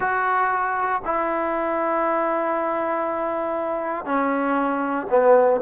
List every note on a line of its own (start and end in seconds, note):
0.00 1.02 F#4
1.04 4.04 E4
4.04 5.06 C#4
5.10 5.61 B3